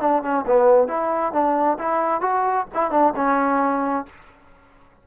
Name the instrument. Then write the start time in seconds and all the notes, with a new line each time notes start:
trombone
0.00 D4
0.22 C#4
0.46 B3
0.87 E4
1.32 D4
1.78 E4
2.21 F#4
2.74 E4
2.90 D4
3.15 C#4